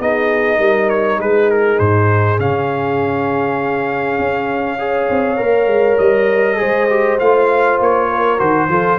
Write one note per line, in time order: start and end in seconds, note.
0.00 0.59 B3
0.00 2.39 D#4
0.00 0.58 G#4
0.00 0.90 D#5
0.58 1.19 G3
0.58 1.18 A#4
0.90 1.20 C#5
1.18 1.79 G#3
1.18 4.78 G#4
1.18 1.51 B4
1.51 1.79 A#4
1.79 2.40 G#2
1.79 2.39 C5
2.39 4.19 C#3
2.39 4.79 C#4
2.39 5.99 F5
4.19 5.09 C#4
4.79 5.38 G#4
4.79 6.60 C#5
5.10 5.40 C4
5.38 5.67 A#3
5.38 6.57 A#4
5.67 5.96 G#3
5.99 6.60 G3
5.99 7.19 D#5
6.57 7.20 G#3
6.57 6.87 G#4
6.57 8.09 C5
6.90 7.20 G4
7.20 7.80 A3
7.20 8.38 F4
7.20 7.80 F5
7.80 8.40 A#3
7.80 8.40 C#5
8.09 8.69 A#4
8.38 8.69 D#3
8.38 8.69 F#4
8.38 8.99 C5
8.69 8.99 F3
8.69 8.99 F4
8.69 8.99 A4